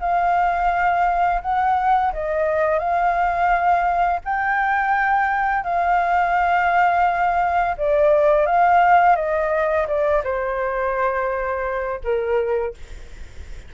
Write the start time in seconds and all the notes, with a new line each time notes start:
0.00 F5
1.41 F#5
2.13 D#5
2.79 F5
4.24 G5
5.64 F5
7.77 D5
8.46 F5
9.16 D#5
9.87 D5
10.24 C5
12.03 A#4